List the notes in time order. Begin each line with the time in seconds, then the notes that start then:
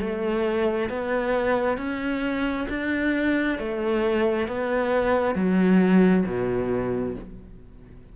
0.00 A3
0.90 B3
1.77 C#4
2.69 D4
3.59 A3
4.48 B3
5.35 F#3
6.26 B2